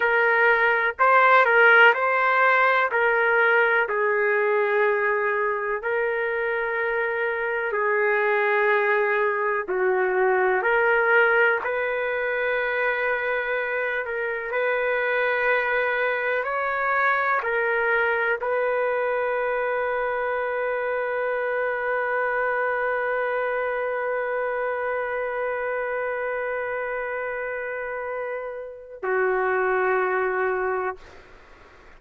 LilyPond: \new Staff \with { instrumentName = "trumpet" } { \time 4/4 \tempo 4 = 62 ais'4 c''8 ais'8 c''4 ais'4 | gis'2 ais'2 | gis'2 fis'4 ais'4 | b'2~ b'8 ais'8 b'4~ |
b'4 cis''4 ais'4 b'4~ | b'1~ | b'1~ | b'2 fis'2 | }